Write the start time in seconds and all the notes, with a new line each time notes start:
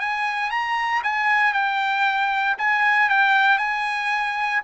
0.00 G#5
0.51 A#5
1.03 G#5
1.53 G5
2.58 G#5
3.09 G5
3.58 G#5